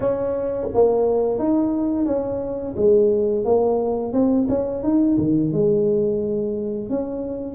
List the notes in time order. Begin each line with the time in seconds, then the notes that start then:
0.00 C#4
0.73 A#3
1.38 D#4
2.05 C#4
2.76 G#3
3.45 A#3
4.12 C4
4.48 C#4
4.83 D#4
5.18 D#3
5.52 G#3
6.89 C#4